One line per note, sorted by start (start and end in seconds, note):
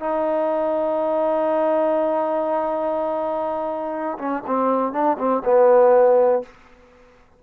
0.00 4.18 D#4
4.19 4.44 C#4
4.47 4.93 C4
4.93 5.17 D4
5.18 5.43 C4
5.45 6.43 B3